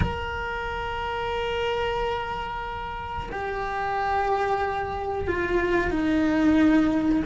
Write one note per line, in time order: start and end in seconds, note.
0.00 3.29 A#4
3.31 5.27 G4
5.27 5.90 F4
5.90 7.22 D#4